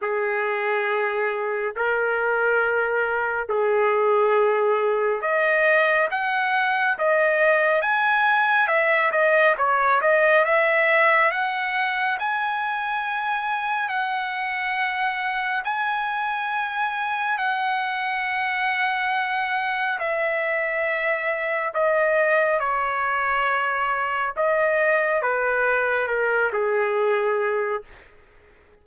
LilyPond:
\new Staff \with { instrumentName = "trumpet" } { \time 4/4 \tempo 4 = 69 gis'2 ais'2 | gis'2 dis''4 fis''4 | dis''4 gis''4 e''8 dis''8 cis''8 dis''8 | e''4 fis''4 gis''2 |
fis''2 gis''2 | fis''2. e''4~ | e''4 dis''4 cis''2 | dis''4 b'4 ais'8 gis'4. | }